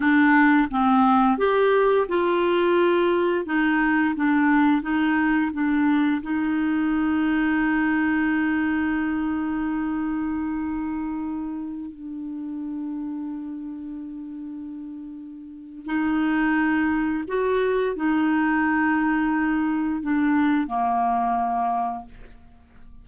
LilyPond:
\new Staff \with { instrumentName = "clarinet" } { \time 4/4 \tempo 4 = 87 d'4 c'4 g'4 f'4~ | f'4 dis'4 d'4 dis'4 | d'4 dis'2.~ | dis'1~ |
dis'4~ dis'16 d'2~ d'8.~ | d'2. dis'4~ | dis'4 fis'4 dis'2~ | dis'4 d'4 ais2 | }